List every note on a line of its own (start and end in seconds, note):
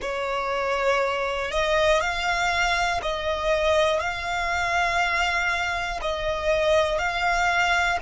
0.01 1.51 C#5
1.51 2.00 D#5
2.00 3.00 F5
3.02 4.00 D#5
4.00 6.00 F5
6.01 6.98 D#5
6.98 7.98 F5